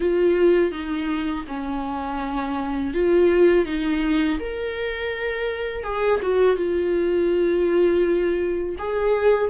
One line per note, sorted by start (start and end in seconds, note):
0.00 0.71 F4
0.71 1.44 D#4
1.47 2.94 C#4
2.94 3.65 F4
3.65 4.38 D#4
4.39 5.83 A#4
5.83 6.20 G#4
6.22 6.56 F#4
6.56 8.75 F4
8.78 9.50 G#4